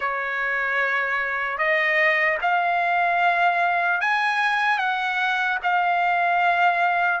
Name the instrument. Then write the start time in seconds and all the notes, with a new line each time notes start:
trumpet
0.00 C#5
1.57 D#5
2.41 F5
4.00 G#5
4.78 F#5
5.62 F5